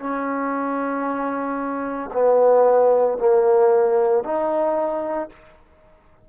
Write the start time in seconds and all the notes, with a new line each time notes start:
0.00 C#4
2.13 B3
3.19 A#3
4.24 D#4